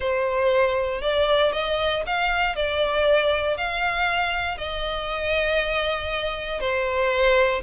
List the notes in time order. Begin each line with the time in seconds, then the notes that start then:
0.00 C5
1.01 D5
1.52 D#5
2.06 F5
2.55 D5
3.57 F5
4.57 D#5
6.60 C5